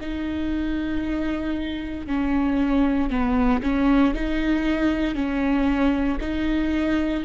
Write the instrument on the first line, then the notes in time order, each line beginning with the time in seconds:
viola
0.00 D#4
2.06 C#4
3.10 B3
3.62 C#4
4.13 D#4
5.14 C#4
6.20 D#4